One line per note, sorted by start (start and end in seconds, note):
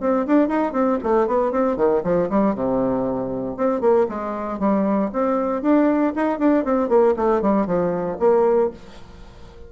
0.00 0.26 C4
0.26 0.48 D4
0.48 0.72 D#4
0.72 0.98 C4
1.03 1.27 A3
1.27 1.51 B3
1.51 1.76 C4
1.76 2.02 D#3
2.03 2.29 F3
2.29 2.55 G3
2.55 3.56 C3
3.56 3.80 C4
3.80 4.06 A#3
4.09 4.59 G#3
4.59 5.10 G3
5.12 5.61 C4
5.61 6.13 D4
6.15 6.38 D#4
6.38 6.64 D4
6.64 6.88 C4
6.88 7.14 A#3
7.16 7.41 A3
7.41 7.66 G3
7.66 8.17 F3
8.19 8.70 A#3